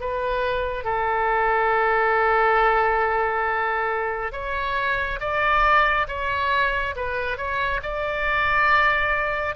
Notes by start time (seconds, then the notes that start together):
0.00 B4
0.84 A4
4.32 C#5
5.20 D5
6.08 C#5
6.96 B4
7.37 C#5
7.83 D5